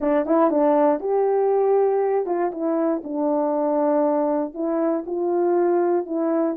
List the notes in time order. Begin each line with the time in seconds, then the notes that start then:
0.00 D4
0.25 E4
0.50 D4
1.00 G4
2.26 F4
2.51 E4
3.03 D4
4.54 E4
5.06 F4
6.06 E4